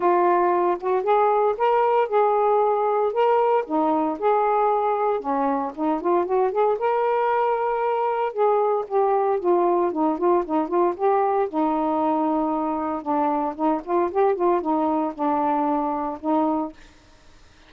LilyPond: \new Staff \with { instrumentName = "saxophone" } { \time 4/4 \tempo 4 = 115 f'4. fis'8 gis'4 ais'4 | gis'2 ais'4 dis'4 | gis'2 cis'4 dis'8 f'8 | fis'8 gis'8 ais'2. |
gis'4 g'4 f'4 dis'8 f'8 | dis'8 f'8 g'4 dis'2~ | dis'4 d'4 dis'8 f'8 g'8 f'8 | dis'4 d'2 dis'4 | }